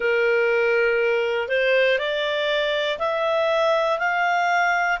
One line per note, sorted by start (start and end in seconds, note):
0.00 1.48 A#4
1.48 1.98 C5
1.98 2.98 D5
2.98 3.98 E5
3.99 4.99 F5